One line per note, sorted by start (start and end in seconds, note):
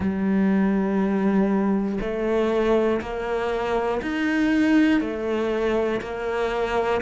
0.00 1.99 G3
2.00 3.00 A3
3.01 4.01 A#3
4.01 5.00 D#4
5.00 6.00 A3
6.01 7.01 A#3